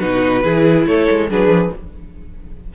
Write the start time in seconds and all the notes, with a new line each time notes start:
0.00 B2 D#4 F#4 B4
0.43 E3 E4 G#4
0.86 A3 A4 C#5
1.11 G#3
1.30 F#3 D4 G#4 B4
1.48 F3